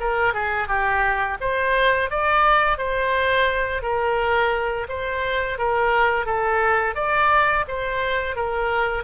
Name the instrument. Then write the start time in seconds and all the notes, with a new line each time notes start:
oboe
0.00 A#4
0.34 G#4
0.68 G4
1.41 C5
2.11 D5
2.78 C5
3.82 A#4
4.89 C5
5.59 A#4
6.26 A4
6.95 D5
7.68 C5
8.36 A#4